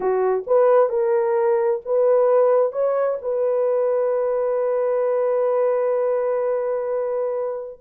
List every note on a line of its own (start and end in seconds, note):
0.00 0.44 F#4
0.46 0.89 B4
0.89 1.80 A#4
1.85 2.72 B4
2.72 3.18 C#5
3.21 7.79 B4